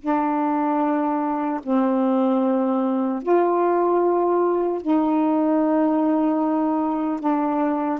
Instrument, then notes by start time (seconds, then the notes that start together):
saxophone
0.00 D4
1.63 C4
3.22 F4
4.81 D#4
7.20 D4